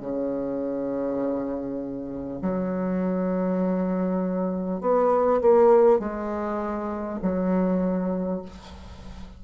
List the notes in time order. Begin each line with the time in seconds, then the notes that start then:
0.00 C#3
2.42 F#3
4.81 B3
5.41 A#3
5.99 G#3
7.22 F#3